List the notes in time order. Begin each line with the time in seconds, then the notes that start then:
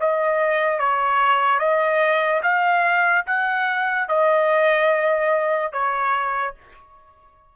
0.00 D#5
0.79 C#5
1.59 D#5
2.43 F5
3.26 F#5
4.08 D#5
5.72 C#5